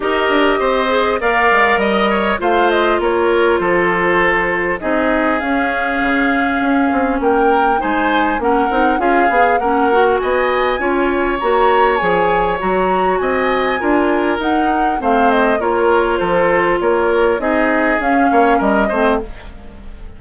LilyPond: <<
  \new Staff \with { instrumentName = "flute" } { \time 4/4 \tempo 4 = 100 dis''2 f''4 dis''4 | f''8 dis''8 cis''4 c''2 | dis''4 f''2. | g''4 gis''4 fis''4 f''4 |
fis''4 gis''2 ais''4 | gis''4 ais''4 gis''2 | fis''4 f''8 dis''8 cis''4 c''4 | cis''4 dis''4 f''4 dis''4 | }
  \new Staff \with { instrumentName = "oboe" } { \time 4/4 ais'4 c''4 d''4 dis''8 cis''8 | c''4 ais'4 a'2 | gis'1 | ais'4 c''4 ais'4 gis'4 |
ais'4 dis''4 cis''2~ | cis''2 dis''4 ais'4~ | ais'4 c''4 ais'4 a'4 | ais'4 gis'4. cis''8 ais'8 c''8 | }
  \new Staff \with { instrumentName = "clarinet" } { \time 4/4 g'4. gis'8 ais'2 | f'1 | dis'4 cis'2.~ | cis'4 dis'4 cis'8 dis'8 f'8 gis'8 |
cis'8 fis'4. f'4 fis'4 | gis'4 fis'2 f'4 | dis'4 c'4 f'2~ | f'4 dis'4 cis'4. c'8 | }
  \new Staff \with { instrumentName = "bassoon" } { \time 4/4 dis'8 d'8 c'4 ais8 gis8 g4 | a4 ais4 f2 | c'4 cis'4 cis4 cis'8 c'8 | ais4 gis4 ais8 c'8 cis'8 b8 |
ais4 b4 cis'4 ais4 | f4 fis4 c'4 d'4 | dis'4 a4 ais4 f4 | ais4 c'4 cis'8 ais8 g8 a8 | }
>>